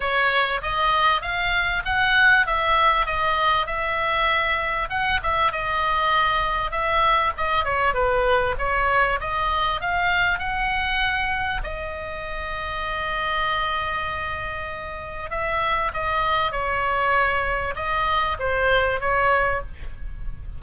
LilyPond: \new Staff \with { instrumentName = "oboe" } { \time 4/4 \tempo 4 = 98 cis''4 dis''4 f''4 fis''4 | e''4 dis''4 e''2 | fis''8 e''8 dis''2 e''4 | dis''8 cis''8 b'4 cis''4 dis''4 |
f''4 fis''2 dis''4~ | dis''1~ | dis''4 e''4 dis''4 cis''4~ | cis''4 dis''4 c''4 cis''4 | }